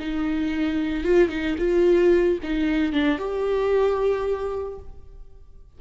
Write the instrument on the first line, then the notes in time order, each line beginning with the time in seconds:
viola
0.00 D#4
1.05 F4
1.30 D#4
1.59 F4
2.43 D#4
2.93 D4
3.19 G4